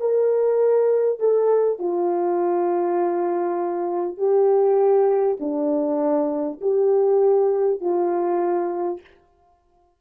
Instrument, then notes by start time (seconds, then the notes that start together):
horn
0.00 A#4
1.19 A4
1.79 F4
4.17 G4
5.40 D4
6.61 G4
7.81 F4